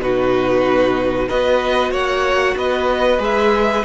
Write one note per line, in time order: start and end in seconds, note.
0.00 1.28 B2
0.00 1.30 D#4
0.00 1.28 F#4
0.00 1.29 B4
1.28 1.91 B3
1.28 3.19 F#4
1.28 1.91 B4
1.28 1.93 D#5
1.91 2.55 A#3
1.91 2.55 C#5
1.91 2.57 F#5
2.56 3.19 B3
2.56 3.85 B4
2.56 3.22 D#5
3.19 3.83 G#3
3.19 3.83 G#4
3.19 3.85 E5